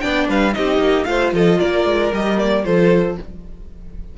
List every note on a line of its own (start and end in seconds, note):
0.00 0.28 B3
0.00 0.53 D4
0.00 0.29 D5
0.00 0.26 G5
0.28 0.55 G3
0.28 0.55 B4
0.28 0.53 F5
0.53 0.78 C4
0.53 1.06 D#4
0.53 1.08 G4
0.53 1.04 D#5
0.78 1.04 A#3
1.04 1.32 A3
1.04 2.11 F4
1.04 1.34 C5
1.04 1.30 F5
1.32 1.59 F3
1.32 1.59 A4
1.32 1.59 D#5
1.59 1.85 A#3
1.59 2.64 A#4
1.59 2.12 D5
1.85 2.11 G#3
2.13 2.65 G3
2.13 2.36 G4
2.13 2.39 D#5
2.36 2.62 A#3
2.36 2.65 D5
2.64 3.18 F3
2.64 3.17 F4
2.64 3.17 A4
2.64 3.17 C5